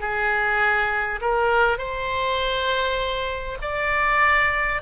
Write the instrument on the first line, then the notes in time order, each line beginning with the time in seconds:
oboe
0.00 G#4
1.21 A#4
1.78 C5
3.62 D5